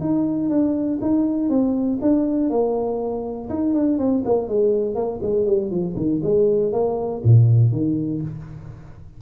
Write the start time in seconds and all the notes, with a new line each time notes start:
0.00 D#4
0.49 D4
1.01 D#4
1.49 C4
2.02 D4
2.50 A#3
3.50 D#4
3.74 D4
3.98 C4
4.25 A#3
4.48 G#3
4.95 A#3
5.22 G#3
5.46 G3
5.70 F3
5.97 D#3
6.23 G#3
6.72 A#3
7.24 A#2
7.72 D#3